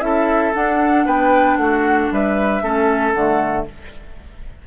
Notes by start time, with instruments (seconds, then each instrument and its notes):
0.00 bassoon C#4, clarinet E4, oboe A4, flute E5
0.54 clarinet D4, bassoon D4, flute F#5
1.06 bassoon B3, oboe B4, flute G5
1.57 bassoon A3, oboe F#4, flute F#5
2.12 bassoon G3, oboe B4, flute E5
2.61 bassoon A3, clarinet C#4, oboe A4
3.13 bassoon D3, clarinet A3, flute F#5